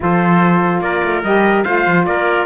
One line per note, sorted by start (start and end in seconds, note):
0.00 0.80 F3
0.00 1.23 F4
0.00 0.82 A4
0.00 0.81 C5
0.80 1.01 A#3
0.80 1.64 A#4
0.80 1.22 D5
1.04 1.23 A3
1.23 1.64 G3
1.23 1.65 G4
1.23 1.63 D#5
1.63 1.86 A3
1.63 2.45 F4
1.63 2.05 C5
1.63 2.04 F5
1.86 2.06 F3
2.05 2.45 A#3
2.05 2.45 A#4
2.05 2.45 D5